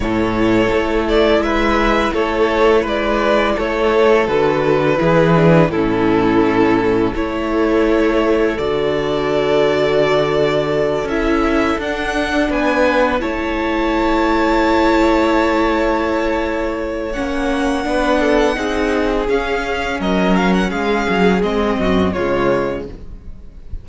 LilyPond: <<
  \new Staff \with { instrumentName = "violin" } { \time 4/4 \tempo 4 = 84 cis''4. d''8 e''4 cis''4 | d''4 cis''4 b'2 | a'2 cis''2 | d''2.~ d''8 e''8~ |
e''8 fis''4 gis''4 a''4.~ | a''1 | fis''2. f''4 | dis''8 f''16 fis''16 f''4 dis''4 cis''4 | }
  \new Staff \with { instrumentName = "violin" } { \time 4/4 a'2 b'4 a'4 | b'4 a'2 gis'4 | e'2 a'2~ | a'1~ |
a'4. b'4 cis''4.~ | cis''1~ | cis''4 b'8 a'8 gis'2 | ais'4 gis'4. fis'8 f'4 | }
  \new Staff \with { instrumentName = "viola" } { \time 4/4 e'1~ | e'2 fis'4 e'8 d'8 | cis'2 e'2 | fis'2.~ fis'8 e'8~ |
e'8 d'2 e'4.~ | e'1 | cis'4 d'4 dis'4 cis'4~ | cis'2 c'4 gis4 | }
  \new Staff \with { instrumentName = "cello" } { \time 4/4 a,4 a4 gis4 a4 | gis4 a4 d4 e4 | a,2 a2 | d2.~ d8 cis'8~ |
cis'8 d'4 b4 a4.~ | a1 | ais4 b4 c'4 cis'4 | fis4 gis8 fis8 gis8 fis,8 cis4 | }
>>